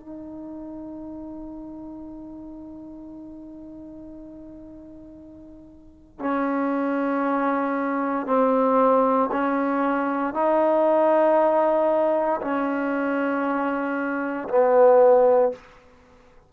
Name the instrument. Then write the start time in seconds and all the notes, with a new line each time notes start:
trombone
0.00 D#4
6.19 C#4
8.26 C4
9.32 C#4
10.34 D#4
12.41 C#4
14.49 B3